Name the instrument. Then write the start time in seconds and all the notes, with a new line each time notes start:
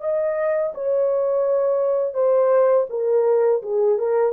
horn
0.00 D#5
0.74 C#5
2.14 C5
2.89 A#4
3.62 G#4
3.98 A#4